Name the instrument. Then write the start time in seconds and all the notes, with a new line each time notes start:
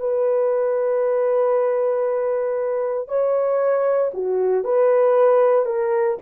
horn
0.00 B4
3.08 C#5
4.14 F#4
4.65 B4
5.66 A#4